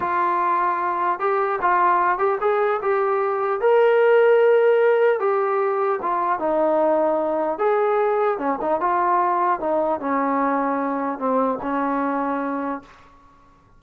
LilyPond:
\new Staff \with { instrumentName = "trombone" } { \time 4/4 \tempo 4 = 150 f'2. g'4 | f'4. g'8 gis'4 g'4~ | g'4 ais'2.~ | ais'4 g'2 f'4 |
dis'2. gis'4~ | gis'4 cis'8 dis'8 f'2 | dis'4 cis'2. | c'4 cis'2. | }